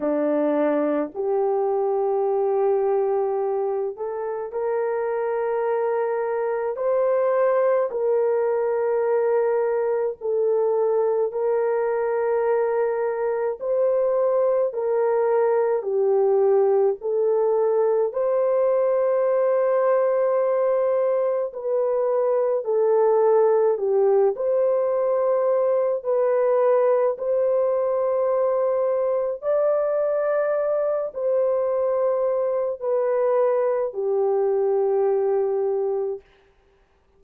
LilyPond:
\new Staff \with { instrumentName = "horn" } { \time 4/4 \tempo 4 = 53 d'4 g'2~ g'8 a'8 | ais'2 c''4 ais'4~ | ais'4 a'4 ais'2 | c''4 ais'4 g'4 a'4 |
c''2. b'4 | a'4 g'8 c''4. b'4 | c''2 d''4. c''8~ | c''4 b'4 g'2 | }